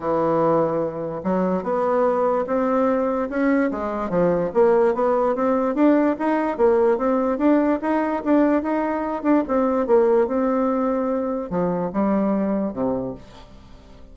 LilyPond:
\new Staff \with { instrumentName = "bassoon" } { \time 4/4 \tempo 4 = 146 e2. fis4 | b2 c'2 | cis'4 gis4 f4 ais4 | b4 c'4 d'4 dis'4 |
ais4 c'4 d'4 dis'4 | d'4 dis'4. d'8 c'4 | ais4 c'2. | f4 g2 c4 | }